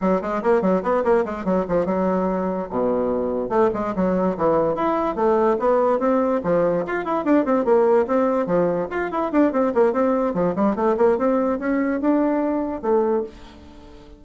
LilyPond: \new Staff \with { instrumentName = "bassoon" } { \time 4/4 \tempo 4 = 145 fis8 gis8 ais8 fis8 b8 ais8 gis8 fis8 | f8 fis2 b,4.~ | b,8 a8 gis8 fis4 e4 e'8~ | e'8 a4 b4 c'4 f8~ |
f8 f'8 e'8 d'8 c'8 ais4 c'8~ | c'8 f4 f'8 e'8 d'8 c'8 ais8 | c'4 f8 g8 a8 ais8 c'4 | cis'4 d'2 a4 | }